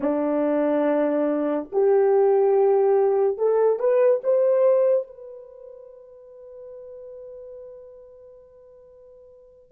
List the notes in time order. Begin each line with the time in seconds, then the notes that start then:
0.00 D4
1.71 G4
3.37 A4
3.79 B4
4.23 C5
5.07 B4